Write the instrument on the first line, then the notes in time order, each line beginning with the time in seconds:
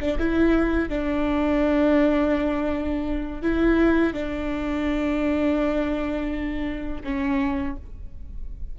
viola
0.00 D4
0.19 E4
0.89 D4
3.42 E4
4.14 D4
7.04 C#4